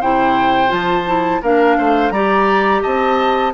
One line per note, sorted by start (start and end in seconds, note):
0.00 0.71 C3
0.00 0.67 E4
0.00 1.41 C5
0.00 0.71 G5
0.67 1.42 F3
0.67 1.02 F4
0.67 1.42 A5
1.06 1.41 E4
1.41 1.77 A#3
1.41 2.13 D4
1.41 1.77 A#4
1.41 2.10 F5
1.77 2.10 A3
1.77 2.13 C5
2.10 2.81 G3
2.10 3.53 G4
2.10 2.82 D5
2.10 2.81 A#5
2.82 3.53 C4
2.82 3.52 D#5
2.82 3.53 A5